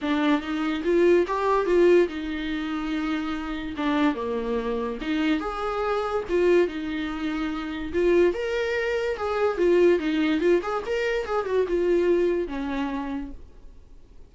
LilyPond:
\new Staff \with { instrumentName = "viola" } { \time 4/4 \tempo 4 = 144 d'4 dis'4 f'4 g'4 | f'4 dis'2.~ | dis'4 d'4 ais2 | dis'4 gis'2 f'4 |
dis'2. f'4 | ais'2 gis'4 f'4 | dis'4 f'8 gis'8 ais'4 gis'8 fis'8 | f'2 cis'2 | }